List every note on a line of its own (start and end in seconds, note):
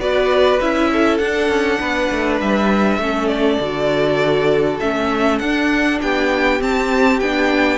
0.00 0.60 B3
0.00 0.60 F#4
0.00 0.91 B4
0.00 0.60 D5
0.61 1.20 C#4
0.61 1.22 E4
0.61 1.18 E5
0.93 1.80 A4
1.18 1.49 D4
1.18 3.01 D4
1.18 2.38 F#5
1.49 1.79 C#4
1.80 2.10 B3
1.80 3.00 B4
2.12 2.42 A3
2.41 2.99 G3
2.41 3.28 E5
2.99 3.59 A3
2.99 3.61 C#4
2.99 6.02 A4
3.28 4.78 D5
3.60 4.80 D3
3.60 4.82 F#4
4.80 5.40 A3
4.80 5.42 C#4
4.80 5.39 E5
5.39 6.00 D4
5.39 6.60 D4
5.39 5.99 F#5
6.02 6.61 B3
6.02 7.78 G4
6.02 6.62 G5
6.60 7.20 C4
6.60 7.21 C4
6.60 7.20 A5
7.20 7.78 B3
7.20 7.78 D4
7.20 7.78 G5